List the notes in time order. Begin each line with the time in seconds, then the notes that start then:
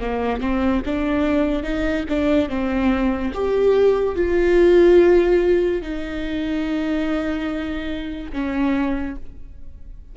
0.00 A#3
0.41 C4
0.85 D4
1.63 D#4
2.09 D4
2.49 C4
3.33 G4
4.15 F4
5.82 D#4
8.33 C#4